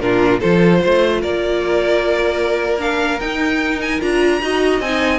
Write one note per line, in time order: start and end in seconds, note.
0.00 0.40 A#2
0.00 0.42 D4
0.00 0.40 F4
0.00 0.40 A#4
0.40 0.84 F3
0.40 2.79 F4
0.40 0.80 A4
0.40 1.20 C5
0.82 1.24 A3
0.82 1.21 C5
1.21 3.21 A#3
1.21 4.41 A#4
1.21 2.81 D5
2.79 3.19 D4
2.79 3.20 F5
3.20 4.01 D#4
3.20 4.00 D#4
3.20 3.80 G5
3.81 4.01 G#5
4.00 4.42 D4
4.00 4.41 F4
4.00 4.81 A#5
4.42 4.80 D#4
4.42 4.82 F#4
4.42 5.19 D#5
4.80 5.19 C4
4.80 5.19 D#4
4.80 5.19 G#5